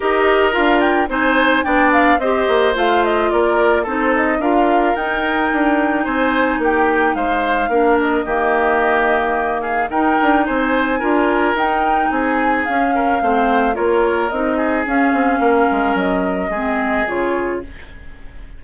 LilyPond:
<<
  \new Staff \with { instrumentName = "flute" } { \time 4/4 \tempo 4 = 109 dis''4 f''8 g''8 gis''4 g''8 f''8 | dis''4 f''8 dis''8 d''4 c''8 dis''8 | f''4 g''2 gis''4 | g''4 f''4. dis''4.~ |
dis''4. f''8 g''4 gis''4~ | gis''4 g''4 gis''4 f''4~ | f''4 cis''4 dis''4 f''4~ | f''4 dis''2 cis''4 | }
  \new Staff \with { instrumentName = "oboe" } { \time 4/4 ais'2 c''4 d''4 | c''2 ais'4 a'4 | ais'2. c''4 | g'4 c''4 ais'4 g'4~ |
g'4. gis'8 ais'4 c''4 | ais'2 gis'4. ais'8 | c''4 ais'4. gis'4. | ais'2 gis'2 | }
  \new Staff \with { instrumentName = "clarinet" } { \time 4/4 g'4 f'4 dis'4 d'4 | g'4 f'2 dis'4 | f'4 dis'2.~ | dis'2 d'4 ais4~ |
ais2 dis'2 | f'4 dis'2 cis'4 | c'4 f'4 dis'4 cis'4~ | cis'2 c'4 f'4 | }
  \new Staff \with { instrumentName = "bassoon" } { \time 4/4 dis'4 d'4 c'4 b4 | c'8 ais8 a4 ais4 c'4 | d'4 dis'4 d'4 c'4 | ais4 gis4 ais4 dis4~ |
dis2 dis'8 d'8 c'4 | d'4 dis'4 c'4 cis'4 | a4 ais4 c'4 cis'8 c'8 | ais8 gis8 fis4 gis4 cis4 | }
>>